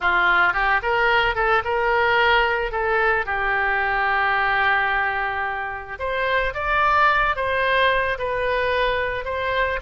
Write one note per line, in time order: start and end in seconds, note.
0.00 0.53 F4
0.53 0.80 G4
0.82 1.35 A#4
1.35 1.62 A4
1.64 2.71 A#4
2.71 3.25 A4
3.25 5.98 G4
5.99 6.53 C5
6.54 7.35 D5
7.36 8.17 C5
8.18 9.25 B4
9.25 9.79 C5